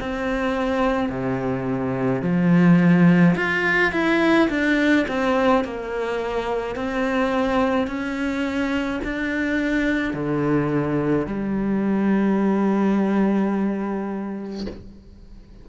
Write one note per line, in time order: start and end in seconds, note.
0.00 1.10 C4
1.10 2.22 C3
2.22 3.36 F3
3.36 3.92 F4
3.92 4.49 E4
4.50 5.06 D4
5.08 5.64 C4
5.64 6.76 A#3
6.76 7.87 C4
7.87 9.01 C#4
9.04 10.14 D4
10.14 11.27 D3
11.27 14.66 G3